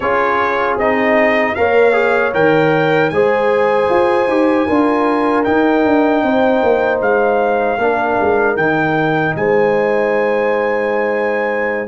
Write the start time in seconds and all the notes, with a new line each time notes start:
0.00 C#4 F4 G#4 C#5
0.77 C4 D#4 D#5
1.54 A#3 A#4 C#5 F5
1.93 G#4
2.33 D#3 A#4 G5
3.09 G#3 G#4 C5 G#5
3.89 F4
4.27 D#4 G4
4.67 D4 F4 A#4
5.44 D#4 G5
5.84 D4
6.23 C4 C5
6.63 A#3
7.00 G#3 F5
7.77 A#3 D4 A#4
8.20 G#3
8.56 D#3 D#4 G5
9.35 G#3 C5 G#5